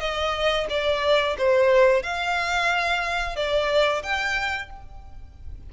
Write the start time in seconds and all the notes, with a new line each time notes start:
0.00 D#5
0.70 D5
1.38 C5
2.03 F5
3.36 D5
4.03 G5